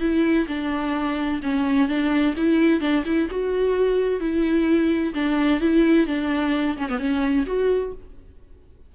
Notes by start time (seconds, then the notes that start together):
0.00 E4
0.48 D4
1.42 C#4
1.88 D4
2.36 E4
2.80 D4
3.05 E4
3.30 F#4
4.20 E4
5.14 D4
5.60 E4
6.07 D4
6.77 C#4
6.89 B3
6.99 C#4
7.46 F#4